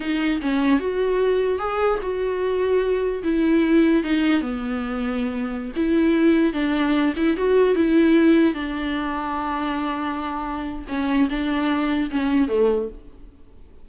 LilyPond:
\new Staff \with { instrumentName = "viola" } { \time 4/4 \tempo 4 = 149 dis'4 cis'4 fis'2 | gis'4 fis'2. | e'2 dis'4 b4~ | b2~ b16 e'4.~ e'16~ |
e'16 d'4. e'8 fis'4 e'8.~ | e'4~ e'16 d'2~ d'8.~ | d'2. cis'4 | d'2 cis'4 a4 | }